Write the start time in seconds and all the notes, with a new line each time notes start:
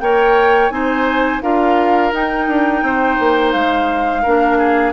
0.00 A#3 A#4 C#5 G5
0.69 C4 D#4 C5 G#5
1.42 D4 F4 A#4 F5
2.12 D#4 G5
2.47 D4
2.82 C4 C5
3.19 A#3
3.52 G#3 F5
4.22 A#3 D4 A#4
4.57 G#4